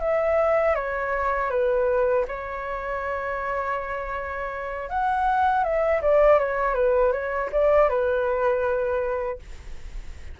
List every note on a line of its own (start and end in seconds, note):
0.00 0.75 E5
0.75 1.50 C#5
1.50 2.25 B4
2.28 4.90 C#5
4.90 5.64 F#5
5.64 6.01 E5
6.02 6.39 D5
6.39 6.75 C#5
6.75 7.12 B4
7.12 7.50 C#5
7.52 7.89 D5
7.89 9.39 B4